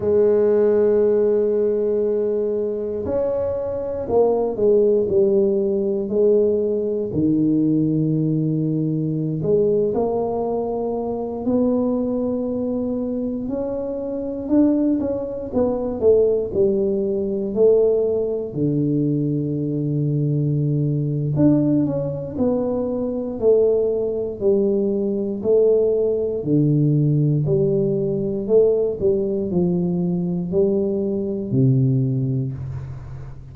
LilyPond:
\new Staff \with { instrumentName = "tuba" } { \time 4/4 \tempo 4 = 59 gis2. cis'4 | ais8 gis8 g4 gis4 dis4~ | dis4~ dis16 gis8 ais4. b8.~ | b4~ b16 cis'4 d'8 cis'8 b8 a16~ |
a16 g4 a4 d4.~ d16~ | d4 d'8 cis'8 b4 a4 | g4 a4 d4 g4 | a8 g8 f4 g4 c4 | }